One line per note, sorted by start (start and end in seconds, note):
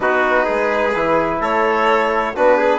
0.00 0.46 B3
0.00 0.91 D#4
0.00 0.44 F#4
0.00 1.41 B4
0.44 0.95 G#3
0.44 1.38 G#4
0.95 1.40 E3
0.95 2.35 E4
1.40 2.33 A3
1.40 2.34 A4
1.40 2.35 C#5
2.35 2.79 B3
2.35 2.79 D4
2.35 2.57 F#4
2.35 2.79 B4
2.57 2.79 G#4